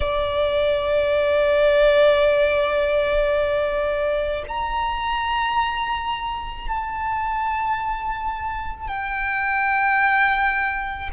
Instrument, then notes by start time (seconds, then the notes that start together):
violin
0.00 D5
4.47 A#5
6.68 A5
8.87 G5